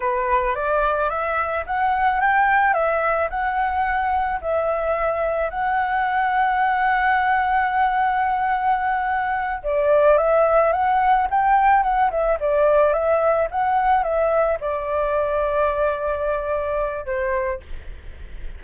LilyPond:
\new Staff \with { instrumentName = "flute" } { \time 4/4 \tempo 4 = 109 b'4 d''4 e''4 fis''4 | g''4 e''4 fis''2 | e''2 fis''2~ | fis''1~ |
fis''4. d''4 e''4 fis''8~ | fis''8 g''4 fis''8 e''8 d''4 e''8~ | e''8 fis''4 e''4 d''4.~ | d''2. c''4 | }